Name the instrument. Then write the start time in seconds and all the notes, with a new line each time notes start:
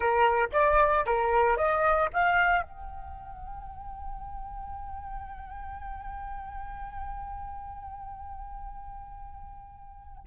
flute
0.00 A#4
0.52 D5
1.06 A#4
1.56 D#5
2.13 F5
2.62 G5